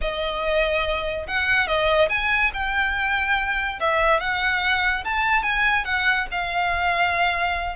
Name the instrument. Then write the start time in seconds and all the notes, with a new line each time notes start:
violin
0.01 D#5
1.27 F#5
1.67 D#5
2.09 G#5
2.53 G5
3.80 E5
4.20 F#5
5.04 A5
5.43 G#5
5.84 F#5
6.31 F5